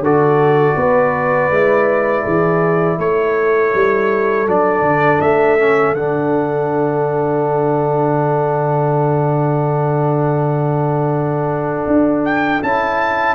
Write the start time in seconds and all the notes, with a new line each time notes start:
0.00 D3 F#4 A4 D5
0.76 B3 B4
1.51 G#3 E4
2.23 E3 G#4
2.98 A3 A4 C#5
3.75 G3
4.48 F#3 D4 D5
4.81 D3
5.21 A3 E5
5.59 C#4
5.94 D3 D4 F#5
11.87 D4
12.25 G5
12.63 C#4 E4 A5